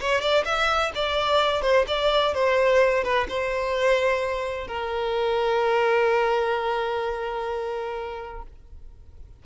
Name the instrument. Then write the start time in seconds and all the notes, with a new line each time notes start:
violin
0.00 C#5
0.21 D5
0.45 E5
0.95 D5
1.62 C5
1.87 D5
2.34 C5
3.04 B4
3.29 C5
4.67 A#4